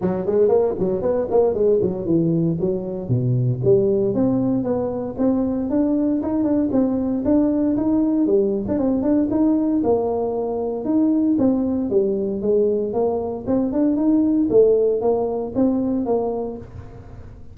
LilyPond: \new Staff \with { instrumentName = "tuba" } { \time 4/4 \tempo 4 = 116 fis8 gis8 ais8 fis8 b8 ais8 gis8 fis8 | e4 fis4 b,4 g4 | c'4 b4 c'4 d'4 | dis'8 d'8 c'4 d'4 dis'4 |
g8. d'16 c'8 d'8 dis'4 ais4~ | ais4 dis'4 c'4 g4 | gis4 ais4 c'8 d'8 dis'4 | a4 ais4 c'4 ais4 | }